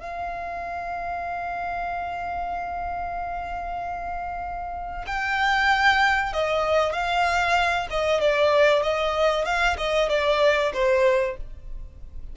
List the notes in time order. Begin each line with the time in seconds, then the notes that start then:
0.00 F5
5.07 G5
6.33 D#5
6.93 F5
7.90 D#5
8.21 D5
8.83 D#5
9.45 F5
9.78 D#5
10.09 D5
10.73 C5